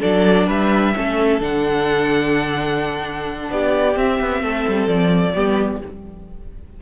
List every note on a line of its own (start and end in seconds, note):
0.00 0.47 F#3
0.00 0.94 D4
0.00 0.47 A4
0.00 0.48 D5
0.47 0.93 G3
0.47 0.93 B4
0.47 1.42 E5
0.94 1.40 A3
0.94 1.40 C#4
0.94 3.50 A4
1.40 3.49 D3
1.40 3.94 D4
1.40 3.51 F#5
3.50 3.96 B3
3.50 4.42 G4
3.50 3.97 D5
3.94 5.33 C4
3.94 4.19 C4
3.94 4.87 E5
4.20 4.42 B3
4.42 4.65 A3
4.42 5.33 A4
4.68 4.87 G3
4.87 5.33 F3
4.87 5.80 D5
5.33 5.82 G3
5.33 5.81 B3
5.33 5.80 G4